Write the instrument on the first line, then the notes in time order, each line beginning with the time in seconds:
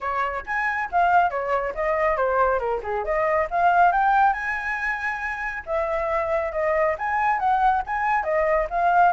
flute
0.01 C#5
0.46 G#5
0.91 F5
1.30 C#5
1.75 D#5
2.16 C5
2.59 A#4
2.82 G#4
3.04 D#5
3.50 F5
3.92 G5
4.33 G#5
5.66 E5
6.52 D#5
6.98 G#5
7.39 F#5
7.86 G#5
8.23 D#5
8.70 F5